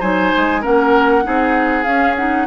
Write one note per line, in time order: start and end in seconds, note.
0.00 0.33 F#3
0.00 0.62 D#4
0.00 0.61 C5
0.00 0.63 G#5
0.37 0.65 G#3
0.62 1.27 A#3
0.62 1.23 C#4
0.62 1.23 A#4
0.62 1.84 F#5
1.23 1.86 C4
1.23 1.84 D#4
1.23 2.48 G#4
1.84 2.16 C#4
1.84 2.47 C#4
1.84 2.15 F5
2.17 2.48 D#4
2.17 2.47 F#5